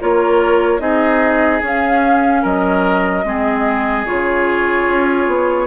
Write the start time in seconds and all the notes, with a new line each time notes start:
0.00 A#3 F4 A#4 C#5
0.79 C4 D#4 G#4 D#5
1.61 C#4 F5
2.42 F#3 A#4 D#5
3.24 G#3 C4 G#4
4.05 C#3 F4 C#5
4.87 C#4
5.27 B3